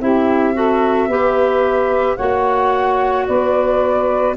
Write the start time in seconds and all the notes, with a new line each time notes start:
0.00 C4 E4 G4 E5
0.54 F#4 A4
1.07 B3 G4 B4
2.16 A#3 F#4 C#5 F#5
3.26 B3 B4 D5